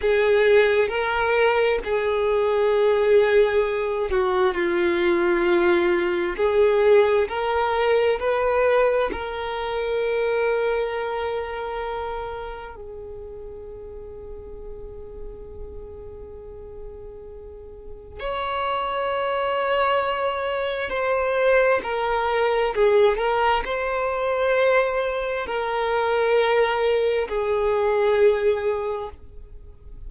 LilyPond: \new Staff \with { instrumentName = "violin" } { \time 4/4 \tempo 4 = 66 gis'4 ais'4 gis'2~ | gis'8 fis'8 f'2 gis'4 | ais'4 b'4 ais'2~ | ais'2 gis'2~ |
gis'1 | cis''2. c''4 | ais'4 gis'8 ais'8 c''2 | ais'2 gis'2 | }